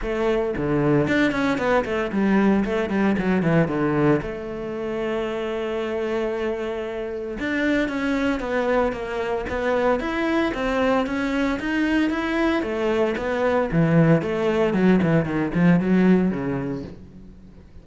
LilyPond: \new Staff \with { instrumentName = "cello" } { \time 4/4 \tempo 4 = 114 a4 d4 d'8 cis'8 b8 a8 | g4 a8 g8 fis8 e8 d4 | a1~ | a2 d'4 cis'4 |
b4 ais4 b4 e'4 | c'4 cis'4 dis'4 e'4 | a4 b4 e4 a4 | fis8 e8 dis8 f8 fis4 cis4 | }